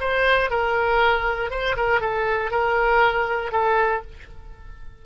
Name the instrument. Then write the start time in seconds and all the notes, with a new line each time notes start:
oboe
0.00 C5
0.50 A#4
1.50 C5
1.76 A#4
2.00 A4
2.51 A#4
3.52 A4